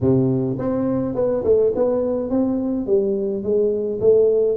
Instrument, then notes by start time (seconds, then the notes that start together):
tuba
0.00 C3
0.58 C4
1.15 B3
1.43 A3
1.75 B3
2.30 C4
2.86 G3
3.43 G#3
4.00 A3